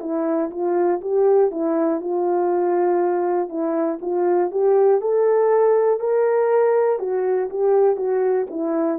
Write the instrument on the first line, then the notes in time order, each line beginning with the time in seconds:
horn
0.00 E4
0.50 F4
1.00 G4
1.51 E4
2.00 F4
3.49 E4
4.01 F4
4.50 G4
5.00 A4
6.00 A#4
6.99 F#4
7.50 G4
7.96 F#4
8.50 E4